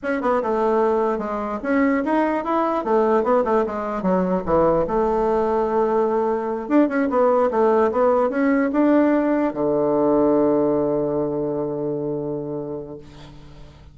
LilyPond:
\new Staff \with { instrumentName = "bassoon" } { \time 4/4 \tempo 4 = 148 cis'8 b8 a2 gis4 | cis'4 dis'4 e'4 a4 | b8 a8 gis4 fis4 e4 | a1~ |
a8 d'8 cis'8 b4 a4 b8~ | b8 cis'4 d'2 d8~ | d1~ | d1 | }